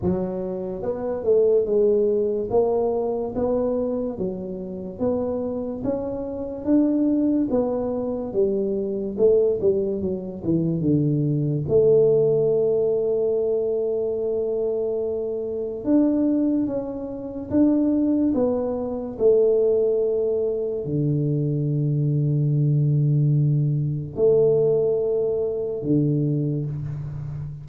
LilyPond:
\new Staff \with { instrumentName = "tuba" } { \time 4/4 \tempo 4 = 72 fis4 b8 a8 gis4 ais4 | b4 fis4 b4 cis'4 | d'4 b4 g4 a8 g8 | fis8 e8 d4 a2~ |
a2. d'4 | cis'4 d'4 b4 a4~ | a4 d2.~ | d4 a2 d4 | }